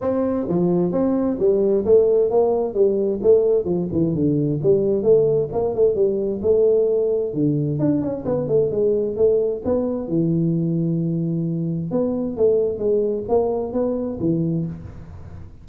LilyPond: \new Staff \with { instrumentName = "tuba" } { \time 4/4 \tempo 4 = 131 c'4 f4 c'4 g4 | a4 ais4 g4 a4 | f8 e8 d4 g4 a4 | ais8 a8 g4 a2 |
d4 d'8 cis'8 b8 a8 gis4 | a4 b4 e2~ | e2 b4 a4 | gis4 ais4 b4 e4 | }